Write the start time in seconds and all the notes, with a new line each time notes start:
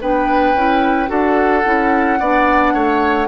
0.00 B3 D4 B4 G5
0.54 C#4 E4
1.06 D4 F#4 A4 F#5
1.65 C#4 E4
2.19 B3 D4 D5
2.73 A3 C#5